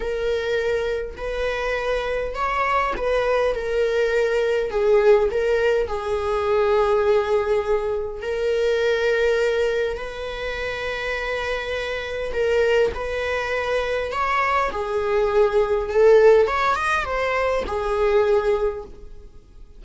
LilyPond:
\new Staff \with { instrumentName = "viola" } { \time 4/4 \tempo 4 = 102 ais'2 b'2 | cis''4 b'4 ais'2 | gis'4 ais'4 gis'2~ | gis'2 ais'2~ |
ais'4 b'2.~ | b'4 ais'4 b'2 | cis''4 gis'2 a'4 | cis''8 dis''8 c''4 gis'2 | }